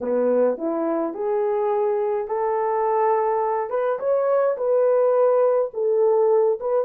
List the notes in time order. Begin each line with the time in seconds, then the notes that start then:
0.01 B3
0.57 E4
1.14 G#4
2.27 A4
3.70 B4
3.99 C#5
4.57 B4
5.73 A4
6.59 B4